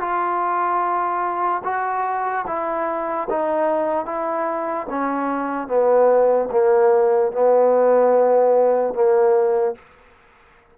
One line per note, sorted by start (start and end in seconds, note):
0.00 1.62 F4
1.64 2.45 F#4
2.47 3.28 E4
3.30 4.06 D#4
4.06 4.87 E4
4.90 5.68 C#4
5.68 6.49 B3
6.51 7.32 A#3
7.32 8.94 B3
8.94 9.75 A#3